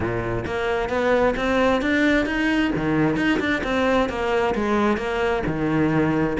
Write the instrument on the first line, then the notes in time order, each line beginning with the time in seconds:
cello
0.00 A#2
0.45 A#3
0.89 B3
1.36 C4
1.81 D4
2.25 D#4
2.75 D#3
3.16 D#4
3.39 D4
3.63 C4
4.09 A#3
4.54 G#3
4.97 A#3
5.46 D#3